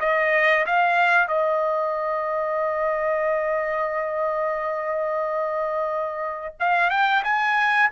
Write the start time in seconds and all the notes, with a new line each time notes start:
0.00 D#5
0.66 F5
1.28 D#5
6.60 F5
6.90 G5
7.24 G#5